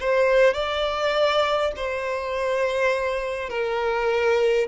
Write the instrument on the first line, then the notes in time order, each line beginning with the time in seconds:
violin
0.00 C5
0.54 D5
1.76 C5
3.50 A#4